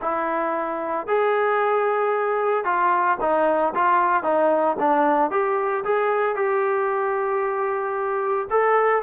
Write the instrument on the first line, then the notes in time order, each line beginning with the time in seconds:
trombone
0.01 E4
1.07 G#4
2.64 F4
3.20 D#4
3.74 F4
4.23 D#4
4.79 D4
5.30 G4
5.84 G#4
6.35 G4
8.50 A4